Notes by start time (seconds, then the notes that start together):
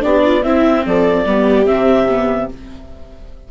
0.00 B3 D4 G4 D5
0.24 F4
0.43 C4 E4 E5
0.85 F3 A4 D5
1.25 G3 B3 G4
1.66 C3 C4 E5
2.09 B3